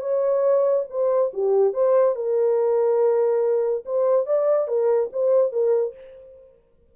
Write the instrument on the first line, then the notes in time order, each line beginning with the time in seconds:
horn
0.00 C#5
0.90 C5
1.33 G4
1.73 C5
2.15 A#4
3.85 C5
4.26 D5
4.67 A#4
5.12 C5
5.52 A#4